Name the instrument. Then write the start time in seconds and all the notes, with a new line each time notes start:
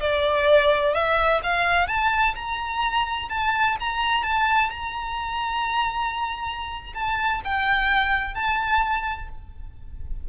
violin
0.00 D5
0.94 E5
1.43 F5
1.87 A5
2.35 A#5
3.29 A5
3.80 A#5
4.23 A5
4.70 A#5
6.94 A5
7.44 G5
8.34 A5